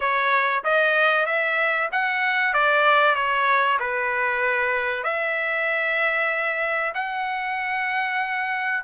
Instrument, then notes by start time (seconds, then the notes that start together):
trumpet
0.00 C#5
0.63 D#5
1.26 E5
1.91 F#5
2.53 D5
3.15 C#5
3.79 B4
5.03 E5
6.94 F#5